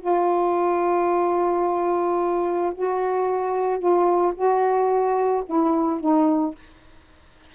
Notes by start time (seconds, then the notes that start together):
0.00 F4
2.75 F#4
3.79 F4
4.35 F#4
5.46 E4
6.00 D#4